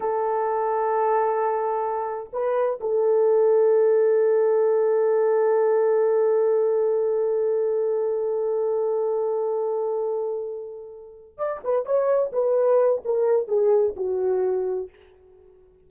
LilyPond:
\new Staff \with { instrumentName = "horn" } { \time 4/4 \tempo 4 = 129 a'1~ | a'4 b'4 a'2~ | a'1~ | a'1~ |
a'1~ | a'1~ | a'8 d''8 b'8 cis''4 b'4. | ais'4 gis'4 fis'2 | }